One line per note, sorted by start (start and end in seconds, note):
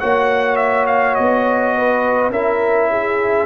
0.00 1.18 A#3
0.00 2.31 F#4
0.00 1.75 C#5
0.00 0.56 F#5
0.56 0.85 E5
0.86 1.15 F5
1.15 2.30 B3
1.15 2.30 D#5
1.76 2.32 B4
2.30 3.45 C#4
2.30 3.46 E4
2.30 2.90 A#4
2.30 3.46 E5
2.90 3.46 G#4